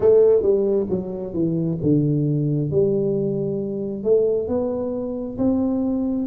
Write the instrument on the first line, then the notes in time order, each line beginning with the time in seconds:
tuba
0.00 A3
0.42 G3
0.89 F#3
1.34 E3
1.82 D3
2.71 G3
4.03 A3
4.48 B3
5.38 C4